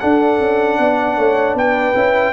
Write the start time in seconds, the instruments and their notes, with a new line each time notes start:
0.00 trombone D4, tuba D4, horn A4, trumpet F#5
0.40 tuba C#4
0.79 tuba B3, horn D5
1.17 tuba A3, horn C#5
1.54 tuba B3, trumpet G5
1.60 horn B4
1.95 tuba C#4, trombone E4